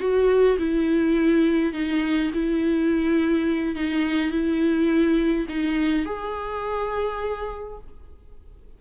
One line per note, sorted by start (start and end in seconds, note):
0.00 0.58 F#4
0.58 1.74 E4
1.74 2.31 D#4
2.34 3.76 E4
3.76 4.31 D#4
4.31 5.47 E4
5.49 6.06 D#4
6.06 7.79 G#4